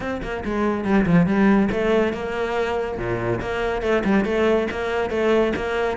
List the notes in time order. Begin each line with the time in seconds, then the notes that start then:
0.00 C4
0.22 A#3
0.44 G#3
0.84 G3
1.06 F3
1.26 G3
1.71 A3
2.13 A#3
2.97 A#2
3.41 A#3
3.82 A3
4.04 G3
4.24 A3
4.71 A#3
5.10 A3
5.55 A#3